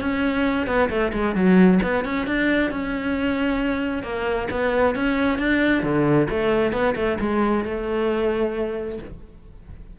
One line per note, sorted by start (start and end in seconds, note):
0.00 0.67 C#4
0.67 0.89 B3
0.89 1.12 A3
1.13 1.35 G#3
1.35 1.80 F#3
1.83 2.05 B3
2.05 2.26 C#4
2.26 2.70 D4
2.70 4.03 C#4
4.03 4.48 A#3
4.50 4.95 B3
4.95 5.38 C#4
5.38 5.82 D4
5.82 6.27 D3
6.30 6.72 A3
6.72 6.94 B3
6.95 7.18 A3
7.20 7.64 G#3
7.64 8.98 A3